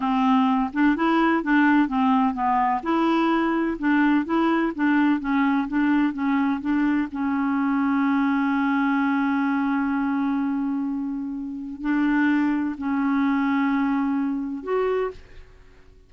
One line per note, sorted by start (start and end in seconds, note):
0.00 0.70 C4
0.73 0.96 D4
0.96 1.43 E4
1.43 1.88 D4
1.88 2.34 C4
2.34 2.81 B3
2.82 3.77 E4
3.78 4.25 D4
4.25 4.72 E4
4.75 5.20 D4
5.20 5.67 C#4
5.68 6.13 D4
6.13 6.60 C#4
6.60 7.08 D4
7.11 11.81 C#4
11.81 12.75 D4
12.77 14.63 C#4
14.63 15.10 F#4